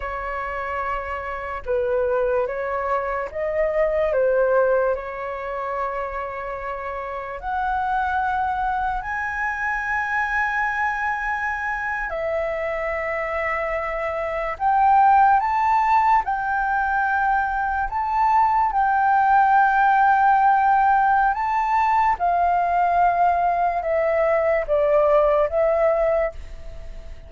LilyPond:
\new Staff \with { instrumentName = "flute" } { \time 4/4 \tempo 4 = 73 cis''2 b'4 cis''4 | dis''4 c''4 cis''2~ | cis''4 fis''2 gis''4~ | gis''2~ gis''8. e''4~ e''16~ |
e''4.~ e''16 g''4 a''4 g''16~ | g''4.~ g''16 a''4 g''4~ g''16~ | g''2 a''4 f''4~ | f''4 e''4 d''4 e''4 | }